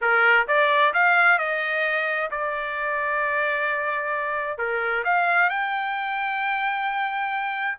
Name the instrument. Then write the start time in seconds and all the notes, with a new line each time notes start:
trumpet
0.01 A#4
0.47 D5
0.93 F5
1.38 D#5
2.30 D5
4.57 A#4
5.04 F5
5.49 G5